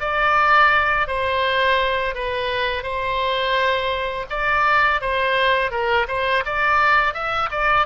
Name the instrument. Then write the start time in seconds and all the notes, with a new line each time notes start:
oboe
0.00 D5
1.07 C5
2.14 B4
2.83 C5
4.30 D5
5.01 C5
5.71 A#4
6.08 C5
6.45 D5
7.13 E5
7.51 D5